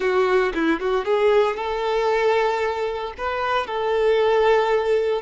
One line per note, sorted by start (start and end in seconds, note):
0.00 0.52 F#4
0.54 0.79 E4
0.79 1.04 F#4
1.04 1.56 G#4
1.56 3.13 A4
3.17 3.66 B4
3.66 5.22 A4